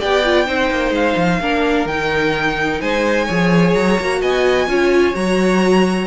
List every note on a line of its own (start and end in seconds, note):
0.00 0.48 B3
0.00 0.23 G4
0.00 0.47 D5
0.00 0.95 G5
0.25 0.46 F4
0.46 0.71 C4
0.46 1.40 D#4
0.46 1.41 C5
0.71 0.91 A#3
0.91 1.15 G#3
0.91 1.88 F5
1.17 1.41 F3
1.41 1.86 A#3
1.41 1.89 D4
1.41 2.81 A#4
1.86 2.80 D#3
1.86 3.29 D#4
1.86 2.81 G5
2.81 3.29 G#3
2.81 3.26 C5
2.81 3.75 G#5
3.26 3.76 F3
3.26 4.00 G#4
3.26 4.20 C#5
3.75 4.00 F#3
3.75 4.22 A#5
4.00 4.23 A#3
4.00 4.68 F#4
4.21 4.68 B3
4.21 4.68 D#5
4.21 5.16 G#5
4.68 5.15 C#4
4.68 5.14 F4
4.68 6.08 C#5
5.14 6.08 F#3
5.14 6.08 F#4
5.14 6.08 A#5